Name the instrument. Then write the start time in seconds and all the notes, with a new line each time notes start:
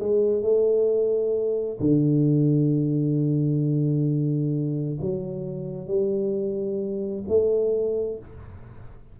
tuba
0.00 G#3
0.42 A3
1.80 D3
5.01 F#3
5.88 G3
7.29 A3